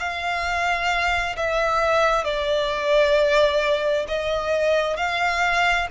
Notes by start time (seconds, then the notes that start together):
0.00 F5
1.37 E5
2.24 D5
4.08 D#5
4.97 F5